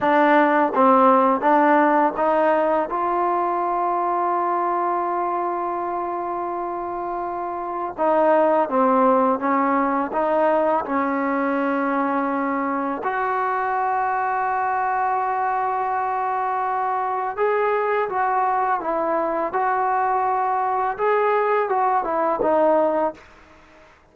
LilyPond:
\new Staff \with { instrumentName = "trombone" } { \time 4/4 \tempo 4 = 83 d'4 c'4 d'4 dis'4 | f'1~ | f'2. dis'4 | c'4 cis'4 dis'4 cis'4~ |
cis'2 fis'2~ | fis'1 | gis'4 fis'4 e'4 fis'4~ | fis'4 gis'4 fis'8 e'8 dis'4 | }